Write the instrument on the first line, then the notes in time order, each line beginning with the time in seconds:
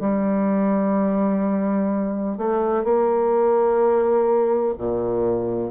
bassoon
0.00 G3
2.38 A3
2.84 A#3
4.78 A#2